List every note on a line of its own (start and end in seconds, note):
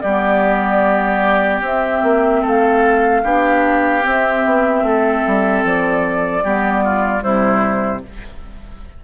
0.00 1.61 G3
0.00 2.41 G4
0.00 1.60 D5
0.07 1.64 B3
1.61 2.01 C4
1.61 3.24 C4
1.61 2.45 E5
2.03 2.43 A#3
2.41 3.24 A3
2.41 3.21 A4
2.47 4.07 F5
3.24 4.04 B3
3.24 4.02 D4
3.24 4.83 G4
4.02 6.42 C4
4.02 4.45 C4
4.02 5.66 E5
4.45 4.82 B3
4.82 5.22 A3
4.82 6.44 A4
5.27 5.64 G3
5.64 6.44 F3
5.64 7.23 D5
6.44 7.24 G3
6.44 7.20 B3
6.44 6.84 G4
6.84 7.22 F4
7.20 8.04 C3
7.20 8.00 G3
7.20 8.02 E4
7.20 8.03 C5